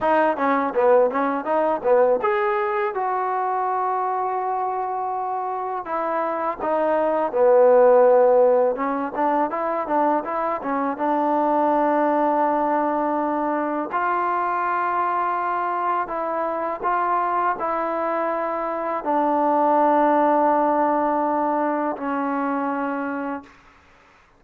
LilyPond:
\new Staff \with { instrumentName = "trombone" } { \time 4/4 \tempo 4 = 82 dis'8 cis'8 b8 cis'8 dis'8 b8 gis'4 | fis'1 | e'4 dis'4 b2 | cis'8 d'8 e'8 d'8 e'8 cis'8 d'4~ |
d'2. f'4~ | f'2 e'4 f'4 | e'2 d'2~ | d'2 cis'2 | }